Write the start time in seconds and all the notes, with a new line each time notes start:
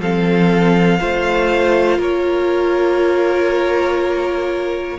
0.00 F3 C4 A4 F5
1.00 A3 F4 C5
1.98 A#3 A#4 C#5